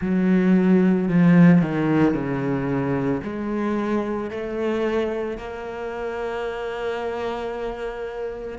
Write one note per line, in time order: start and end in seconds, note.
0.01 1.08 F#3
1.08 1.61 F3
1.61 2.14 D#3
2.14 3.21 C#3
3.23 4.30 G#3
4.30 5.37 A3
5.37 8.58 A#3